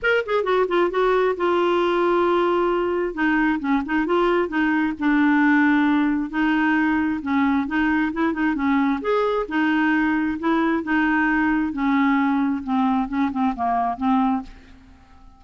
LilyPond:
\new Staff \with { instrumentName = "clarinet" } { \time 4/4 \tempo 4 = 133 ais'8 gis'8 fis'8 f'8 fis'4 f'4~ | f'2. dis'4 | cis'8 dis'8 f'4 dis'4 d'4~ | d'2 dis'2 |
cis'4 dis'4 e'8 dis'8 cis'4 | gis'4 dis'2 e'4 | dis'2 cis'2 | c'4 cis'8 c'8 ais4 c'4 | }